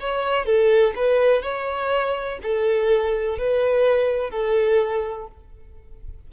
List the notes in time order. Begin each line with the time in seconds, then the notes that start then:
0.00 C#5
0.45 A4
0.95 B4
1.42 C#5
2.42 A4
3.38 B4
4.30 A4